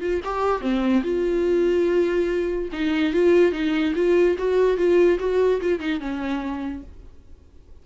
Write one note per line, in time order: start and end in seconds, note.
0.00 0.21 F4
0.24 0.61 G4
0.61 1.02 C4
1.03 2.69 F4
2.72 3.13 D#4
3.13 3.52 F4
3.52 3.93 D#4
3.95 4.36 F4
4.38 4.77 F#4
4.77 5.18 F4
5.19 5.60 F#4
5.61 5.79 F4
5.79 6.00 D#4
6.00 6.83 C#4